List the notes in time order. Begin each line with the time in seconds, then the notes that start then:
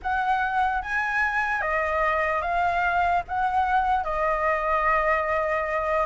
0.02 F#5
0.81 G#5
1.61 D#5
2.41 F5
3.28 F#5
4.04 D#5